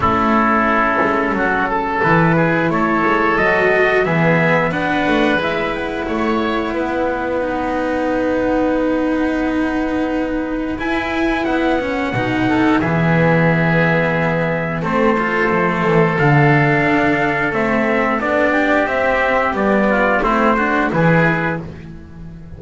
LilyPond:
<<
  \new Staff \with { instrumentName = "trumpet" } { \time 4/4 \tempo 4 = 89 a'2. b'4 | cis''4 dis''4 e''4 fis''4 | e''8 fis''2.~ fis''8~ | fis''1 |
gis''4 fis''2 e''4~ | e''2 c''2 | f''2 e''4 d''4 | e''4 d''4 c''4 b'4 | }
  \new Staff \with { instrumentName = "oboe" } { \time 4/4 e'2 fis'8 a'4 gis'8 | a'2 gis'4 b'4~ | b'4 cis''4 b'2~ | b'1~ |
b'2~ b'8 a'8 gis'4~ | gis'2 a'2~ | a'2.~ a'8 g'8~ | g'4. f'8 e'8 fis'8 gis'4 | }
  \new Staff \with { instrumentName = "cello" } { \time 4/4 cis'2. e'4~ | e'4 fis'4 b4 d'4 | e'2. dis'4~ | dis'1 |
e'4. cis'8 dis'4 b4~ | b2 c'8 f'8 a4 | d'2 c'4 d'4 | c'4 b4 c'8 d'8 e'4 | }
  \new Staff \with { instrumentName = "double bass" } { \time 4/4 a4. gis8 fis4 e4 | a8 gis8 fis4 e4 b8 a8 | gis4 a4 b2~ | b1 |
e'4 b4 b,4 e4~ | e2 a4 f8 e8 | d4 d'4 a4 b4 | c'4 g4 a4 e4 | }
>>